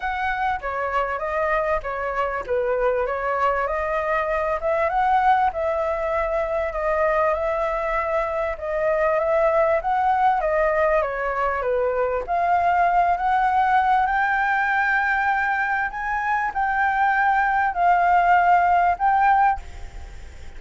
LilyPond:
\new Staff \with { instrumentName = "flute" } { \time 4/4 \tempo 4 = 98 fis''4 cis''4 dis''4 cis''4 | b'4 cis''4 dis''4. e''8 | fis''4 e''2 dis''4 | e''2 dis''4 e''4 |
fis''4 dis''4 cis''4 b'4 | f''4. fis''4. g''4~ | g''2 gis''4 g''4~ | g''4 f''2 g''4 | }